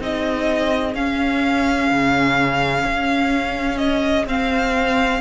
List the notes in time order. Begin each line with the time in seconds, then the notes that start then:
0.00 C4 D#4 G#4 D#5
0.95 C#4 F5
1.91 C#3
2.85 C#4
3.78 D#5
4.26 C4 F5